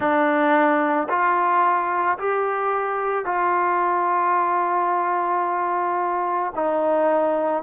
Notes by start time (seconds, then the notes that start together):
0.00 D4
1.09 F4
2.18 G4
3.25 F4
6.55 D#4